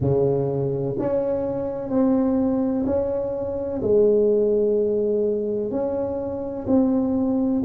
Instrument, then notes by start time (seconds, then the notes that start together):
tuba
0.00 C#3
0.98 C#4
1.89 C4
2.86 C#4
3.81 G#3
5.71 C#4
6.67 C4